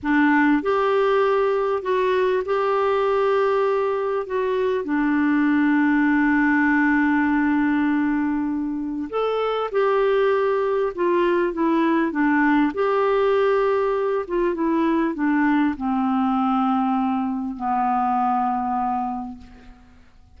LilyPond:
\new Staff \with { instrumentName = "clarinet" } { \time 4/4 \tempo 4 = 99 d'4 g'2 fis'4 | g'2. fis'4 | d'1~ | d'2. a'4 |
g'2 f'4 e'4 | d'4 g'2~ g'8 f'8 | e'4 d'4 c'2~ | c'4 b2. | }